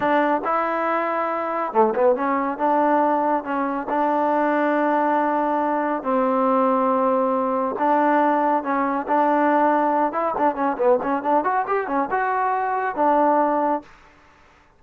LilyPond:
\new Staff \with { instrumentName = "trombone" } { \time 4/4 \tempo 4 = 139 d'4 e'2. | a8 b8 cis'4 d'2 | cis'4 d'2.~ | d'2 c'2~ |
c'2 d'2 | cis'4 d'2~ d'8 e'8 | d'8 cis'8 b8 cis'8 d'8 fis'8 g'8 cis'8 | fis'2 d'2 | }